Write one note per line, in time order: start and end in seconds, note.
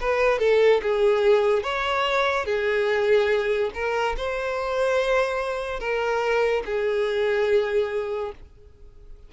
0.00 0.39 B4
0.39 0.81 A4
0.82 1.63 G#4
1.63 2.45 C#5
2.45 3.70 G#4
3.74 4.16 A#4
4.17 5.80 C5
5.80 6.63 A#4
6.65 8.32 G#4